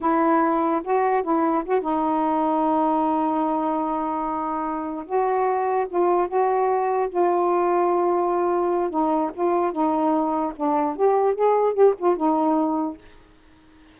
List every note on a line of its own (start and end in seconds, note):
0.00 0.81 E4
0.83 1.23 F#4
1.23 1.63 E4
1.65 1.81 F#4
1.81 5.05 D#4
5.05 5.87 F#4
5.89 6.27 F4
6.27 7.09 F#4
7.09 8.90 F4
8.90 9.30 D#4
9.34 9.71 F4
9.71 10.53 D#4
10.56 10.96 D4
10.96 11.34 G4
11.34 11.73 G#4
11.73 11.94 G4
11.98 12.16 F4
12.16 12.97 D#4